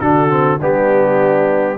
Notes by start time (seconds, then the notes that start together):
0.00 D3 D4 F#4 A4
0.30 C4
0.60 G3 B3 D4 G4